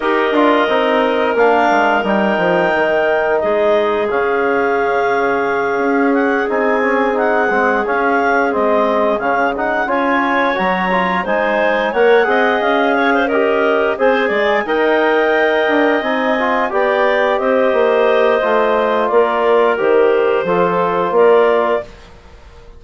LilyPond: <<
  \new Staff \with { instrumentName = "clarinet" } { \time 4/4 \tempo 4 = 88 dis''2 f''4 g''4~ | g''4 dis''4 f''2~ | f''4 fis''8 gis''4 fis''4 f''8~ | f''8 dis''4 f''8 fis''8 gis''4 ais''8~ |
ais''8 gis''4 fis''4 f''4 dis''8~ | dis''8 gis''4 g''2 gis''8~ | gis''8 g''4 dis''2~ dis''8 | d''4 c''2 d''4 | }
  \new Staff \with { instrumentName = "clarinet" } { \time 4/4 ais'1~ | ais'4 gis'2.~ | gis'1~ | gis'2~ gis'8 cis''4.~ |
cis''8 c''4 cis''8 dis''4 cis''16 c''16 ais'8~ | ais'8 c''8 d''8 dis''2~ dis''8~ | dis''8 d''4 c''2~ c''8 | ais'2 a'4 ais'4 | }
  \new Staff \with { instrumentName = "trombone" } { \time 4/4 g'8 f'8 dis'4 d'4 dis'4~ | dis'2 cis'2~ | cis'4. dis'8 cis'8 dis'8 c'8 cis'8~ | cis'8 c'4 cis'8 dis'8 f'4 fis'8 |
f'8 dis'4 ais'8 gis'4. g'8~ | g'8 gis'4 ais'2 dis'8 | f'8 g'2~ g'8 f'4~ | f'4 g'4 f'2 | }
  \new Staff \with { instrumentName = "bassoon" } { \time 4/4 dis'8 d'8 c'4 ais8 gis8 g8 f8 | dis4 gis4 cis2~ | cis8 cis'4 c'4. gis8 cis'8~ | cis'8 gis4 cis4 cis'4 fis8~ |
fis8 gis4 ais8 c'8 cis'4.~ | cis'8 c'8 gis8 dis'4. d'8 c'8~ | c'8 b4 c'8 ais4 a4 | ais4 dis4 f4 ais4 | }
>>